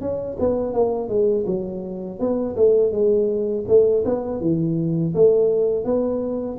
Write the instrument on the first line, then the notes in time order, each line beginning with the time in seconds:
tuba
0.00 C#4
0.39 B3
0.73 A#3
1.08 G#3
1.46 F#3
2.19 B3
2.56 A3
2.91 G#3
3.67 A3
4.04 B3
4.40 E3
5.14 A3
5.84 B3